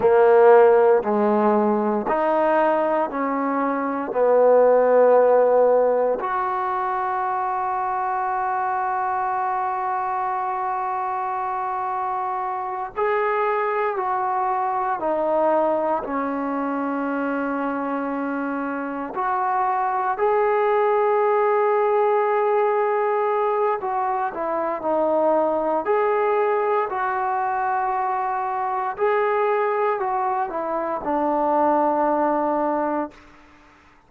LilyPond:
\new Staff \with { instrumentName = "trombone" } { \time 4/4 \tempo 4 = 58 ais4 gis4 dis'4 cis'4 | b2 fis'2~ | fis'1~ | fis'8 gis'4 fis'4 dis'4 cis'8~ |
cis'2~ cis'8 fis'4 gis'8~ | gis'2. fis'8 e'8 | dis'4 gis'4 fis'2 | gis'4 fis'8 e'8 d'2 | }